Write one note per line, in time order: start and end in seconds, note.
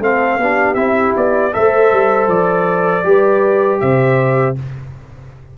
0.00 0.38 A3
0.00 0.40 C4
0.00 0.40 A4
0.00 0.75 F5
0.38 0.75 B3
0.38 0.76 D4
0.38 1.55 G4
0.75 1.13 C4
0.75 1.52 E4
0.75 1.12 E5
1.16 1.54 B3
1.16 1.54 D5
1.53 1.92 A3
1.53 3.04 A4
1.53 3.07 C5
1.53 2.29 E5
1.92 2.28 G3
2.28 3.03 F3
2.28 3.80 D5
3.04 3.81 G3
3.04 4.56 G4
3.04 3.82 B4
3.80 4.57 C3
3.80 4.58 C5
3.80 4.56 E5